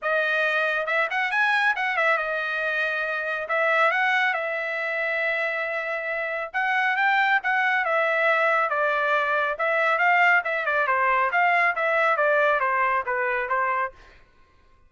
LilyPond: \new Staff \with { instrumentName = "trumpet" } { \time 4/4 \tempo 4 = 138 dis''2 e''8 fis''8 gis''4 | fis''8 e''8 dis''2. | e''4 fis''4 e''2~ | e''2. fis''4 |
g''4 fis''4 e''2 | d''2 e''4 f''4 | e''8 d''8 c''4 f''4 e''4 | d''4 c''4 b'4 c''4 | }